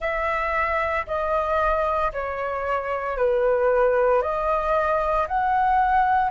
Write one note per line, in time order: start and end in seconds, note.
0.00 1.06 E5
1.06 2.11 D#5
2.12 3.17 C#5
3.17 4.22 B4
4.22 5.27 D#5
5.27 6.30 F#5